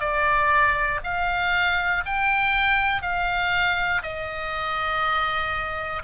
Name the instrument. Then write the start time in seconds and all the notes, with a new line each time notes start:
oboe
0.00 D5
1.04 F5
2.05 G5
3.02 F5
4.02 D#5